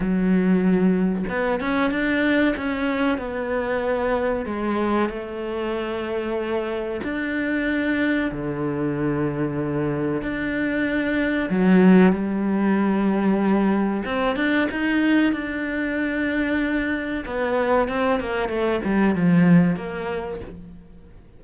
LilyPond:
\new Staff \with { instrumentName = "cello" } { \time 4/4 \tempo 4 = 94 fis2 b8 cis'8 d'4 | cis'4 b2 gis4 | a2. d'4~ | d'4 d2. |
d'2 fis4 g4~ | g2 c'8 d'8 dis'4 | d'2. b4 | c'8 ais8 a8 g8 f4 ais4 | }